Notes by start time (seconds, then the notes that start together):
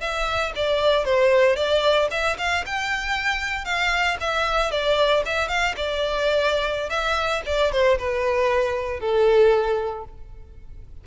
0.00 E5
0.55 D5
1.05 C5
1.56 D5
2.11 E5
2.38 F5
2.66 G5
3.65 F5
4.20 E5
4.71 D5
5.26 E5
5.48 F5
5.76 D5
6.90 E5
7.46 D5
7.72 C5
7.98 B4
9.00 A4